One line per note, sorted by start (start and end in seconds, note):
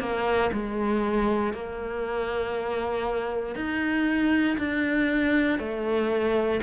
0.00 0.51 A#3
0.53 1.54 G#3
1.54 3.56 A#3
3.56 4.58 D#4
4.58 5.59 D4
5.59 6.61 A3